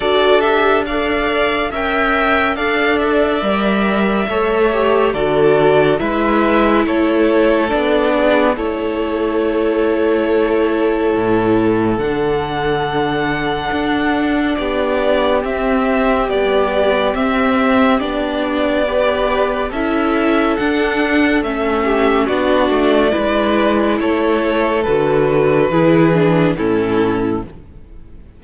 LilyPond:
<<
  \new Staff \with { instrumentName = "violin" } { \time 4/4 \tempo 4 = 70 d''8 e''8 f''4 g''4 f''8 e''8~ | e''2 d''4 e''4 | cis''4 d''4 cis''2~ | cis''2 fis''2~ |
fis''4 d''4 e''4 d''4 | e''4 d''2 e''4 | fis''4 e''4 d''2 | cis''4 b'2 a'4 | }
  \new Staff \with { instrumentName = "violin" } { \time 4/4 a'4 d''4 e''4 d''4~ | d''4 cis''4 a'4 b'4 | a'4. gis'8 a'2~ | a'1~ |
a'4 g'2.~ | g'2 b'4 a'4~ | a'4. g'8 fis'4 b'4 | a'2 gis'4 e'4 | }
  \new Staff \with { instrumentName = "viola" } { \time 4/4 fis'8 g'8 a'4 ais'4 a'4 | ais'4 a'8 g'8 fis'4 e'4~ | e'4 d'4 e'2~ | e'2 d'2~ |
d'2 c'4 g4 | c'4 d'4 g'4 e'4 | d'4 cis'4 d'4 e'4~ | e'4 fis'4 e'8 d'8 cis'4 | }
  \new Staff \with { instrumentName = "cello" } { \time 4/4 d'2 cis'4 d'4 | g4 a4 d4 gis4 | a4 b4 a2~ | a4 a,4 d2 |
d'4 b4 c'4 b4 | c'4 b2 cis'4 | d'4 a4 b8 a8 gis4 | a4 d4 e4 a,4 | }
>>